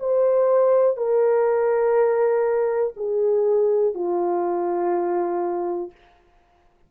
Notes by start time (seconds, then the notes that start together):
0.00 C5
0.97 A#4
2.97 G#4
3.95 F4